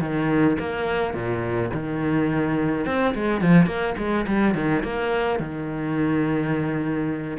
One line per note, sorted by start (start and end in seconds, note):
0.00 0.57 D#3
0.59 1.13 A#3
1.13 1.70 A#2
1.73 2.86 D#3
2.86 3.14 C4
3.14 3.41 G#3
3.41 3.66 F3
3.66 3.94 A#3
3.98 4.26 G#3
4.27 4.55 G3
4.55 4.83 D#3
4.83 5.39 A#3
5.39 7.37 D#3